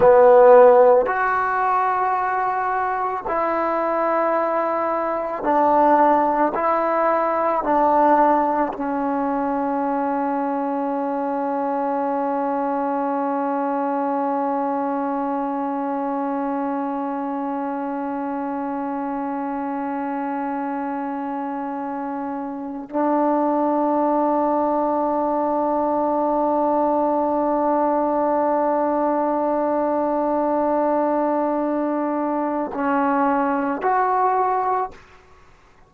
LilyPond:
\new Staff \with { instrumentName = "trombone" } { \time 4/4 \tempo 4 = 55 b4 fis'2 e'4~ | e'4 d'4 e'4 d'4 | cis'1~ | cis'1~ |
cis'1~ | cis'4 d'2.~ | d'1~ | d'2 cis'4 fis'4 | }